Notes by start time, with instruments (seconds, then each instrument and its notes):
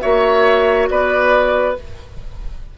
0.00 bassoon A#3, clarinet F#4, oboe C#5, flute E5
0.89 bassoon B3, oboe B4, flute D5